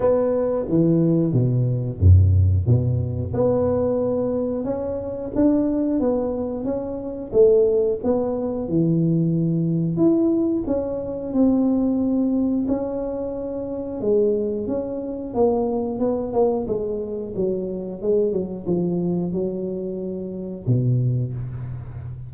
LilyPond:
\new Staff \with { instrumentName = "tuba" } { \time 4/4 \tempo 4 = 90 b4 e4 b,4 fis,4 | b,4 b2 cis'4 | d'4 b4 cis'4 a4 | b4 e2 e'4 |
cis'4 c'2 cis'4~ | cis'4 gis4 cis'4 ais4 | b8 ais8 gis4 fis4 gis8 fis8 | f4 fis2 b,4 | }